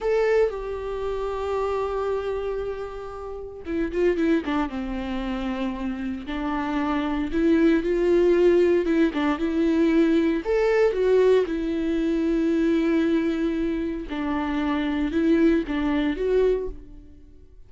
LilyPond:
\new Staff \with { instrumentName = "viola" } { \time 4/4 \tempo 4 = 115 a'4 g'2.~ | g'2. e'8 f'8 | e'8 d'8 c'2. | d'2 e'4 f'4~ |
f'4 e'8 d'8 e'2 | a'4 fis'4 e'2~ | e'2. d'4~ | d'4 e'4 d'4 fis'4 | }